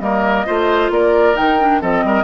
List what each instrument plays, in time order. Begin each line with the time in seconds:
0.00 bassoon G3, clarinet A#3, oboe A#4, flute D#5
0.46 bassoon A3, clarinet F4, oboe C5
0.90 bassoon A#3, oboe A#4, flute D5
1.35 bassoon D#3, clarinet D#4, flute G5
1.60 clarinet D4
1.81 bassoon F3, clarinet C4, oboe A4, flute D#5
2.04 bassoon G3, oboe A#4